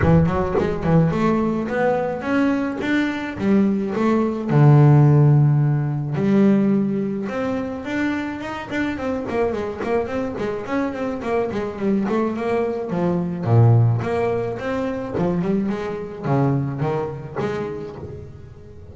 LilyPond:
\new Staff \with { instrumentName = "double bass" } { \time 4/4 \tempo 4 = 107 e8 fis8 gis8 e8 a4 b4 | cis'4 d'4 g4 a4 | d2. g4~ | g4 c'4 d'4 dis'8 d'8 |
c'8 ais8 gis8 ais8 c'8 gis8 cis'8 c'8 | ais8 gis8 g8 a8 ais4 f4 | ais,4 ais4 c'4 f8 g8 | gis4 cis4 dis4 gis4 | }